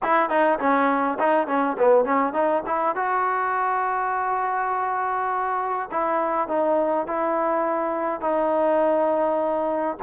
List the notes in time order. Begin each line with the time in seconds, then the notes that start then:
0.02 E4
0.29 D#4
0.59 C#4
1.19 D#4
1.47 C#4
1.78 B3
2.04 C#4
2.33 D#4
2.66 E4
2.95 F#4
5.91 E4
6.48 D#4
7.06 E4
8.21 D#4